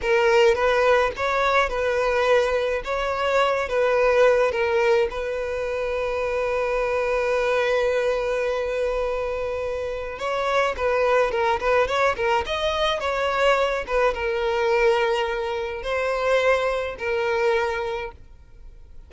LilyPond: \new Staff \with { instrumentName = "violin" } { \time 4/4 \tempo 4 = 106 ais'4 b'4 cis''4 b'4~ | b'4 cis''4. b'4. | ais'4 b'2.~ | b'1~ |
b'2 cis''4 b'4 | ais'8 b'8 cis''8 ais'8 dis''4 cis''4~ | cis''8 b'8 ais'2. | c''2 ais'2 | }